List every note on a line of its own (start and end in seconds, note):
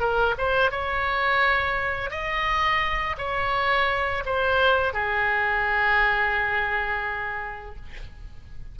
0.00 0.35 A#4
0.38 0.71 C5
0.71 2.11 C#5
2.11 3.17 D#5
3.18 4.24 C#5
4.26 4.93 C5
4.93 7.76 G#4